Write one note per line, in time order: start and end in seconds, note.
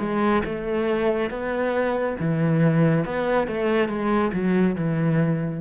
0.00 0.43 G#3
0.46 1.31 A3
1.31 2.16 B3
2.21 3.05 E3
3.05 3.48 B3
3.48 3.89 A3
3.89 4.32 G#3
4.34 4.76 F#3
4.76 5.61 E3